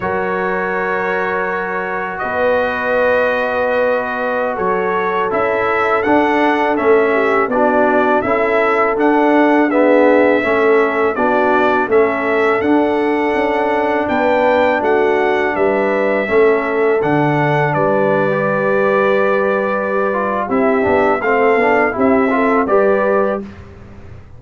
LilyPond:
<<
  \new Staff \with { instrumentName = "trumpet" } { \time 4/4 \tempo 4 = 82 cis''2. dis''4~ | dis''2~ dis''16 cis''4 e''8.~ | e''16 fis''4 e''4 d''4 e''8.~ | e''16 fis''4 e''2 d''8.~ |
d''16 e''4 fis''2 g''8.~ | g''16 fis''4 e''2 fis''8.~ | fis''16 d''2.~ d''8. | e''4 f''4 e''4 d''4 | }
  \new Staff \with { instrumentName = "horn" } { \time 4/4 ais'2. b'4~ | b'2~ b'16 a'4.~ a'16~ | a'4.~ a'16 g'8 fis'4 a'8.~ | a'4~ a'16 gis'4 a'4 fis'8.~ |
fis'16 a'2. b'8.~ | b'16 fis'4 b'4 a'4.~ a'16~ | a'16 b'2.~ b'8. | g'4 a'4 g'8 a'8 b'4 | }
  \new Staff \with { instrumentName = "trombone" } { \time 4/4 fis'1~ | fis'2.~ fis'16 e'8.~ | e'16 d'4 cis'4 d'4 e'8.~ | e'16 d'4 b4 cis'4 d'8.~ |
d'16 cis'4 d'2~ d'8.~ | d'2~ d'16 cis'4 d'8.~ | d'4 g'2~ g'8 f'8 | e'8 d'8 c'8 d'8 e'8 f'8 g'4 | }
  \new Staff \with { instrumentName = "tuba" } { \time 4/4 fis2. b4~ | b2~ b16 fis4 cis'8.~ | cis'16 d'4 a4 b4 cis'8.~ | cis'16 d'2 a4 b8.~ |
b16 a4 d'4 cis'4 b8.~ | b16 a4 g4 a4 d8.~ | d16 g2.~ g8. | c'8 b8 a8 b8 c'4 g4 | }
>>